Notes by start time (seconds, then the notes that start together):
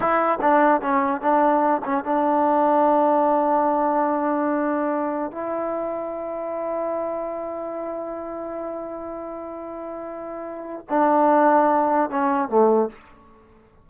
0.00 E4
0.41 D4
0.81 C#4
1.21 D4
1.84 C#4
2.04 D4
5.31 E4
10.89 D4
12.10 C#4
12.48 A3